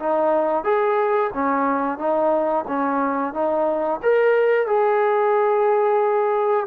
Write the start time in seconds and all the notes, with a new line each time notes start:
0.00 D#4
0.64 G#4
1.34 C#4
1.98 D#4
2.68 C#4
3.34 D#4
4.03 A#4
4.67 G#4